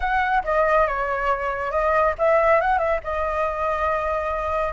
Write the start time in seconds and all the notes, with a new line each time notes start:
0.00 F#5
0.44 D#5
0.87 C#5
1.71 D#5
2.18 E5
2.60 F#5
2.78 E5
3.03 D#5